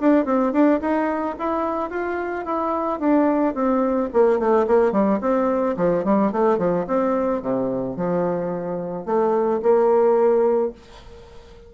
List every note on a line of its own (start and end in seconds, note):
0.00 0.25 D4
0.25 0.52 C4
0.52 0.80 D4
0.81 1.36 D#4
1.39 1.90 E4
1.90 2.45 F4
2.45 2.99 E4
2.99 3.54 D4
3.54 4.09 C4
4.13 4.39 A#3
4.39 4.66 A3
4.67 4.92 A#3
4.92 5.19 G3
5.21 5.76 C4
5.77 6.04 F3
6.04 6.32 G3
6.32 6.58 A3
6.58 6.85 F3
6.87 7.42 C4
7.42 7.96 C3
7.96 9.06 F3
9.06 9.61 A3
9.62 10.72 A#3